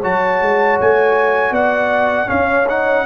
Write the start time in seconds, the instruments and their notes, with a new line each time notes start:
0.00 tuba F#3, trombone F#4, horn C#5, trumpet A5
0.42 tuba G#3
0.80 tuba A3, trumpet G#5
1.51 tuba B3, horn D5, trumpet F#5
2.26 trombone C#4, tuba C#4, horn C#5, trumpet F5
2.69 trombone D#4, trumpet F#5